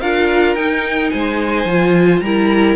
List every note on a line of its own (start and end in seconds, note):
0.00 0.56 D4
0.00 0.57 F4
0.00 1.11 A#4
0.00 0.55 F5
0.55 1.11 D#4
0.55 1.68 D#4
0.55 1.09 G5
1.09 1.65 G#3
1.09 2.23 C5
1.09 2.20 G#5
1.65 2.20 F3
1.65 2.24 F4
2.20 2.76 G3
2.20 2.76 E4
2.20 2.76 A#4
2.20 2.76 A#5